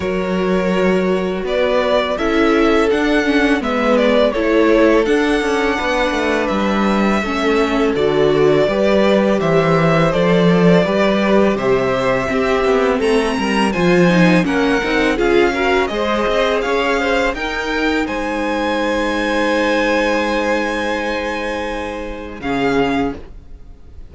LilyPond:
<<
  \new Staff \with { instrumentName = "violin" } { \time 4/4 \tempo 4 = 83 cis''2 d''4 e''4 | fis''4 e''8 d''8 cis''4 fis''4~ | fis''4 e''2 d''4~ | d''4 e''4 d''2 |
e''2 ais''4 gis''4 | fis''4 f''4 dis''4 f''4 | g''4 gis''2.~ | gis''2. f''4 | }
  \new Staff \with { instrumentName = "violin" } { \time 4/4 ais'2 b'4 a'4~ | a'4 b'4 a'2 | b'2 a'2 | b'4 c''2 b'4 |
c''4 g'4 a'8 ais'8 c''4 | ais'4 gis'8 ais'8 c''4 cis''8 c''8 | ais'4 c''2.~ | c''2. gis'4 | }
  \new Staff \with { instrumentName = "viola" } { \time 4/4 fis'2. e'4 | d'8 cis'8 b4 e'4 d'4~ | d'2 cis'4 fis'4 | g'2 a'4 g'4~ |
g'4 c'2 f'8 dis'8 | cis'8 dis'8 f'8 fis'8 gis'2 | dis'1~ | dis'2. cis'4 | }
  \new Staff \with { instrumentName = "cello" } { \time 4/4 fis2 b4 cis'4 | d'4 gis4 a4 d'8 cis'8 | b8 a8 g4 a4 d4 | g4 e4 f4 g4 |
c4 c'8 b8 a8 g8 f4 | ais8 c'8 cis'4 gis8 c'8 cis'4 | dis'4 gis2.~ | gis2. cis4 | }
>>